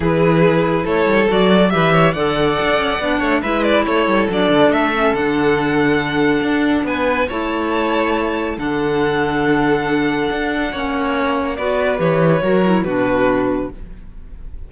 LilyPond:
<<
  \new Staff \with { instrumentName = "violin" } { \time 4/4 \tempo 4 = 140 b'2 cis''4 d''4 | e''4 fis''2. | e''8 d''8 cis''4 d''4 e''4 | fis''1 |
gis''4 a''2. | fis''1~ | fis''2. d''4 | cis''2 b'2 | }
  \new Staff \with { instrumentName = "violin" } { \time 4/4 gis'2 a'2 | b'8 cis''8 d''2~ d''8 cis''8 | b'4 a'2.~ | a'1 |
b'4 cis''2. | a'1~ | a'4 cis''2 b'4~ | b'4 ais'4 fis'2 | }
  \new Staff \with { instrumentName = "clarinet" } { \time 4/4 e'2. fis'4 | g'4 a'2 d'4 | e'2 d'4. cis'8 | d'1~ |
d'4 e'2. | d'1~ | d'4 cis'2 fis'4 | g'4 fis'8 e'8 d'2 | }
  \new Staff \with { instrumentName = "cello" } { \time 4/4 e2 a8 g8 fis4 | e4 d4 d'8 cis'8 b8 a8 | gis4 a8 g8 fis8 d8 a4 | d2. d'4 |
b4 a2. | d1 | d'4 ais2 b4 | e4 fis4 b,2 | }
>>